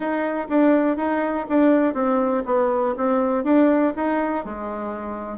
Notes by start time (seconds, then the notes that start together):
0.00 D#4
0.49 D4
0.96 D#4
1.48 D4
1.94 C4
2.45 B3
2.97 C4
3.44 D4
3.96 D#4
4.44 G#3